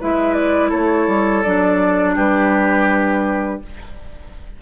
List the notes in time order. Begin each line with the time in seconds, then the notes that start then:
0.00 G#3 E4 B4 E5
0.34 D5
0.70 A3 A4 C#5
1.08 G3
1.44 F#3 D4 D5
2.16 G3 G4 B4